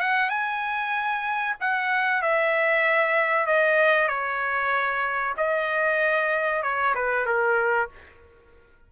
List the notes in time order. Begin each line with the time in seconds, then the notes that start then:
0.00 F#5
0.29 G#5
1.60 F#5
2.22 E5
3.46 D#5
4.08 C#5
5.37 D#5
6.63 C#5
6.94 B4
7.26 A#4